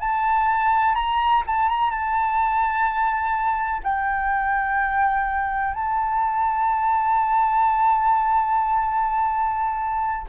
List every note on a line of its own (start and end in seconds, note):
0.00 0.95 A5
0.95 1.43 A#5
1.47 1.69 A5
1.69 1.91 A#5
1.91 3.81 A5
3.84 5.74 G5
5.74 10.26 A5